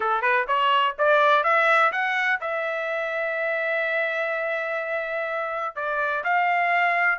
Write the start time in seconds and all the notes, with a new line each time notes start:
0.00 A4
0.21 B4
0.47 C#5
0.98 D5
1.43 E5
1.91 F#5
2.40 E5
5.75 D5
6.24 F5